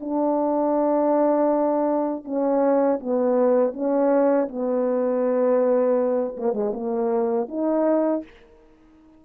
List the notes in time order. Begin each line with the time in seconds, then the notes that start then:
0.00 D4
2.24 C#4
2.99 B3
3.73 C#4
4.48 B3
6.36 A#3
6.53 G#3
6.73 A#3
7.48 D#4